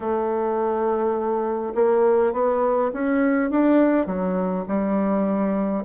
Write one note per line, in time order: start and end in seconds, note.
0.00 1.73 A3
1.74 2.32 A#3
2.32 2.91 B3
2.93 3.50 C#4
3.50 4.06 D4
4.06 4.64 F#3
4.68 5.84 G3